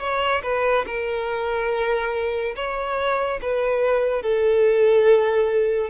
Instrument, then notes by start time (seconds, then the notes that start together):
violin
0.00 C#5
0.43 B4
0.87 A#4
2.56 C#5
3.42 B4
4.23 A4